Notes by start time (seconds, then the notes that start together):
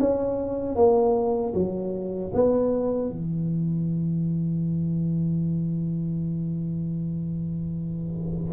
0.00 C#4
0.76 A#3
1.55 F#3
2.34 B3
3.10 E3